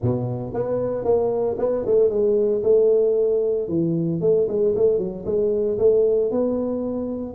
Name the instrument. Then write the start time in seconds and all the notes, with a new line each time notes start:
tuba
0.01 B2
0.53 B3
1.04 A#3
1.58 B3
1.86 A3
2.10 G#3
2.63 A3
3.68 E3
4.21 A3
4.48 G#3
4.75 A3
4.98 F#3
5.25 G#3
5.78 A3
6.31 B3